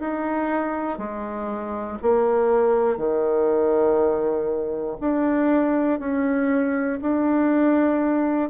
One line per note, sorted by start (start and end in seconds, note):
0.00 0.98 D#4
0.98 1.98 G#3
2.02 2.97 A#3
2.97 4.97 D#3
5.00 6.00 D4
6.00 7.00 C#4
7.01 8.50 D4